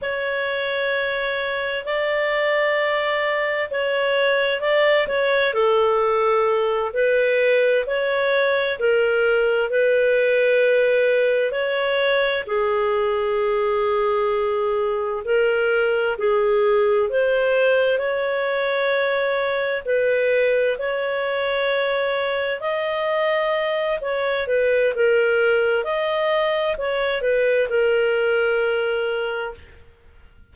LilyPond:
\new Staff \with { instrumentName = "clarinet" } { \time 4/4 \tempo 4 = 65 cis''2 d''2 | cis''4 d''8 cis''8 a'4. b'8~ | b'8 cis''4 ais'4 b'4.~ | b'8 cis''4 gis'2~ gis'8~ |
gis'8 ais'4 gis'4 c''4 cis''8~ | cis''4. b'4 cis''4.~ | cis''8 dis''4. cis''8 b'8 ais'4 | dis''4 cis''8 b'8 ais'2 | }